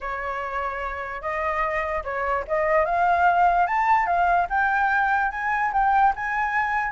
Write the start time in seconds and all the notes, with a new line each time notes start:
0.00 C#5
1.21 D#5
2.04 C#5
2.47 D#5
2.85 F5
3.67 A5
4.06 F5
4.49 G5
5.31 G#5
5.73 G5
6.15 G#5